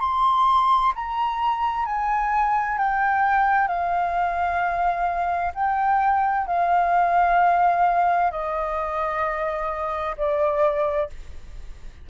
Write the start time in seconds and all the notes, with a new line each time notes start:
0.00 C6
0.95 A#5
1.85 G#5
2.78 G5
3.68 F5
5.54 G5
6.47 F5
8.31 D#5
10.17 D5